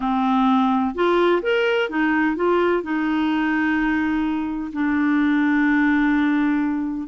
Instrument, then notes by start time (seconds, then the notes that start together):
clarinet
0.00 C4
0.94 F4
1.42 A#4
1.89 D#4
2.35 F4
2.82 D#4
4.72 D4